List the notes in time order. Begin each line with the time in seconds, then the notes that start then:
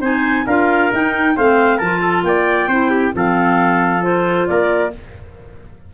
0.00 C4 D#4 C5 G#5
0.46 D4 F4 A#4 F5
0.92 D#4 G5
1.36 A3 C4 C5 F5
1.77 F3 F4 A#4 A5
2.01 A4
2.23 A#3 D5 G5
2.67 C4 E4 C5
2.90 G4
3.13 F3 C4 A4 F5
4.01 F4 C5
4.47 A#3 A#4 D5